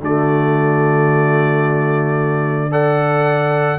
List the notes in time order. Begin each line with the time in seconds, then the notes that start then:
0.00 D3 A3 F#4 D5
2.70 A4 D5 F#5